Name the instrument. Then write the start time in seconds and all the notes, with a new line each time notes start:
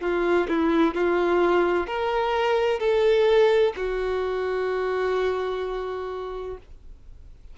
violin
0.00 F4
0.48 E4
0.94 F4
1.87 A#4
2.79 A4
3.76 F#4